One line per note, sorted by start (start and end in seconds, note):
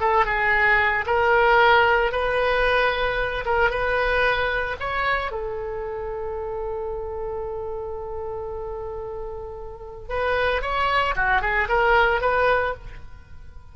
0.00 0.25 A4
0.25 1.05 G#4
1.06 2.11 A#4
2.11 3.44 B4
3.45 3.70 A#4
3.70 4.76 B4
4.80 5.31 C#5
5.31 10.09 A4
10.09 10.61 B4
10.61 11.14 C#5
11.15 11.41 F#4
11.41 11.68 G#4
11.68 12.21 A#4
12.21 12.74 B4